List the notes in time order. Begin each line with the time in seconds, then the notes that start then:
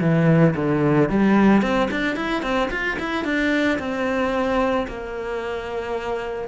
0.00 E3
0.56 D3
1.09 G3
1.62 C4
1.91 D4
2.16 E4
2.42 C4
2.71 F4
2.99 E4
3.24 D4
3.79 C4
4.87 A#3